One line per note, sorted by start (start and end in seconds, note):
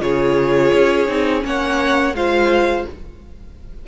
0.00 0.72 C#3
0.00 1.07 F4
0.00 1.46 G#4
0.00 1.45 C#5
0.73 1.08 C#4
1.08 1.44 C4
1.08 1.41 D#4
1.41 2.14 A#3
1.41 2.13 C#4
1.41 2.16 C#5
1.41 2.16 F#5
2.14 2.86 G#3
2.14 2.88 F4
2.14 2.87 C5
2.14 2.87 F5